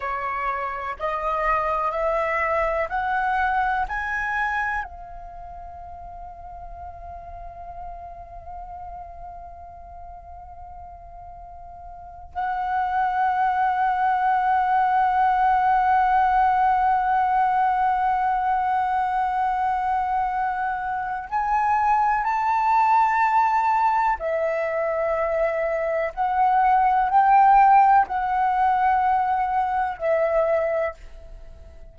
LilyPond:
\new Staff \with { instrumentName = "flute" } { \time 4/4 \tempo 4 = 62 cis''4 dis''4 e''4 fis''4 | gis''4 f''2.~ | f''1~ | f''8. fis''2.~ fis''16~ |
fis''1~ | fis''2 gis''4 a''4~ | a''4 e''2 fis''4 | g''4 fis''2 e''4 | }